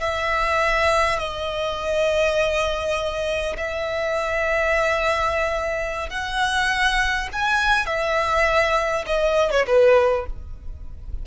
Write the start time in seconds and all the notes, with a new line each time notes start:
0.00 E5
1.19 D#5
3.58 E5
6.10 F#5
7.33 G#5
7.86 E5
9.06 D#5
9.51 C#5
9.67 B4